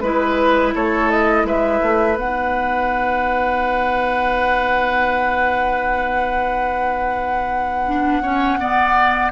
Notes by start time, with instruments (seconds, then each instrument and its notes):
0.00 bassoon G#3, clarinet E4, flute B4, oboe B4
0.75 bassoon A3, oboe A4, flute C#5
1.10 flute D#5
1.44 bassoon G#3, oboe B4, flute E5
1.82 bassoon A3
2.15 bassoon B3, clarinet D#4, flute F#5
7.87 clarinet D4
8.22 clarinet C#4, oboe C#5
8.60 clarinet B3, oboe D5